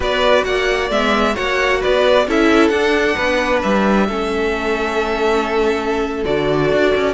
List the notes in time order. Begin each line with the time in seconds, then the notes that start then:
0.00 B3 F#4 B4 D5
0.44 A#3 D5 F#5
0.90 G#3 B3 E5
1.34 A#3 F#4 C#5 F#5
1.80 B3 B4 D5
2.27 C#4 E4 A4 E5
2.68 D4 F#5
3.15 B3 B4
3.62 G3 E5
4.07 A3 C#4 A4
6.25 D3 F#4 D5
6.72 D4
6.95 C#4